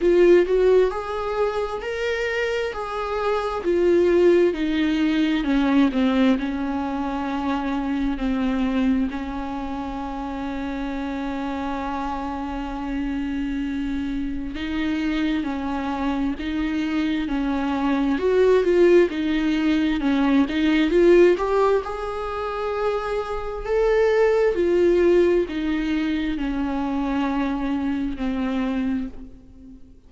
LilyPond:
\new Staff \with { instrumentName = "viola" } { \time 4/4 \tempo 4 = 66 f'8 fis'8 gis'4 ais'4 gis'4 | f'4 dis'4 cis'8 c'8 cis'4~ | cis'4 c'4 cis'2~ | cis'1 |
dis'4 cis'4 dis'4 cis'4 | fis'8 f'8 dis'4 cis'8 dis'8 f'8 g'8 | gis'2 a'4 f'4 | dis'4 cis'2 c'4 | }